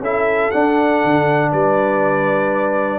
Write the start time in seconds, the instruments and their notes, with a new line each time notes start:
0.00 tuba C#4, trombone E4, horn A4, trumpet E5
0.51 trombone D4, tuba D4, trumpet F#5
1.04 tuba D3
1.51 tuba G3, horn B4, trumpet D5